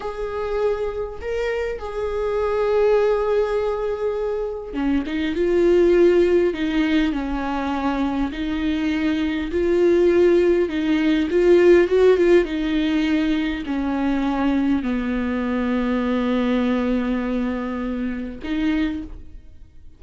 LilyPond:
\new Staff \with { instrumentName = "viola" } { \time 4/4 \tempo 4 = 101 gis'2 ais'4 gis'4~ | gis'1 | cis'8 dis'8 f'2 dis'4 | cis'2 dis'2 |
f'2 dis'4 f'4 | fis'8 f'8 dis'2 cis'4~ | cis'4 b2.~ | b2. dis'4 | }